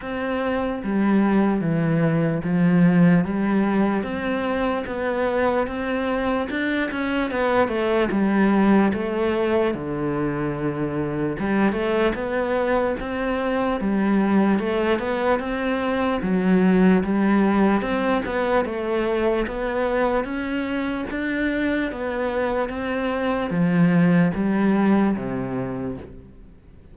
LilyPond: \new Staff \with { instrumentName = "cello" } { \time 4/4 \tempo 4 = 74 c'4 g4 e4 f4 | g4 c'4 b4 c'4 | d'8 cis'8 b8 a8 g4 a4 | d2 g8 a8 b4 |
c'4 g4 a8 b8 c'4 | fis4 g4 c'8 b8 a4 | b4 cis'4 d'4 b4 | c'4 f4 g4 c4 | }